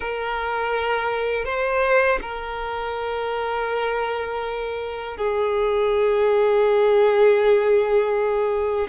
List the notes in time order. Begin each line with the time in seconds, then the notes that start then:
0.00 A#4
1.44 C5
2.21 A#4
5.17 G#4